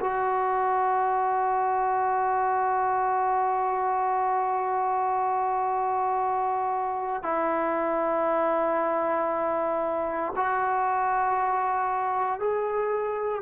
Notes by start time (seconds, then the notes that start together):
0.00 F#4
7.22 E4
10.35 F#4
12.39 G#4